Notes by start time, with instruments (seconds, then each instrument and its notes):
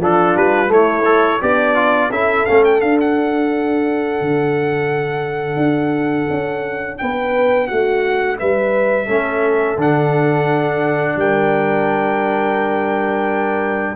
0.00 tuba F3, trombone D4, horn F4, trumpet A4
0.36 tuba G3, trumpet B4
0.68 trombone A3, tuba A3, horn E4, trumpet C#5
1.05 trombone A4
1.41 tuba B3, horn D4, trombone G4, trumpet D5
1.75 trombone F4
2.11 tuba C#4, trombone E4, horn A4, trumpet E5
2.46 tuba A3, trombone C#4, trumpet F5
2.65 trumpet G5
2.80 trombone D4, tuba D4, trumpet F5
3.01 trumpet F#5
4.21 tuba D3
5.57 tuba D4
6.30 tuba C#4
6.99 tuba B3, horn B4, trumpet G5
7.67 tuba A3, horn F#4, trumpet F#5
8.40 tuba G3, horn B4, trumpet E5
9.07 tuba A3, trombone C#4, horn A4
9.77 tuba D3, trombone D4, trumpet F#5
11.17 tuba G3, horn A#4, trumpet G5